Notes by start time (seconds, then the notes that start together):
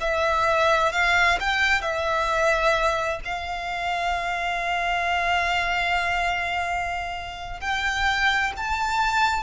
0.00 E5
0.92 F5
1.40 G5
1.81 E5
3.24 F5
7.60 G5
8.57 A5